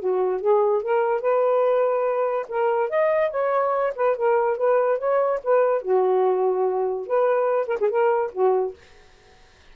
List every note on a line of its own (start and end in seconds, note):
0.00 0.41 F#4
0.41 0.83 G#4
0.83 1.22 A#4
1.22 2.47 B4
2.49 2.90 A#4
2.90 3.31 D#5
3.31 3.93 C#5
3.96 4.17 B4
4.17 4.57 A#4
4.57 4.99 B4
4.99 5.41 C#5
5.44 5.82 B4
5.82 7.07 F#4
7.07 7.68 B4
7.68 7.78 A#4
7.81 7.90 G#4
7.90 8.32 A#4
8.32 8.74 F#4